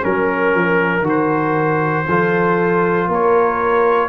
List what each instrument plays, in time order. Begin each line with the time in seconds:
0.00 tuba F#3, trombone C#4, trumpet A#4, horn A#4
0.54 tuba F3
1.01 tuba D#3, trombone F#4
1.09 trumpet C5
2.07 tuba F3, trombone F4, horn A4
3.07 tuba A#3, horn A#4, trumpet C#5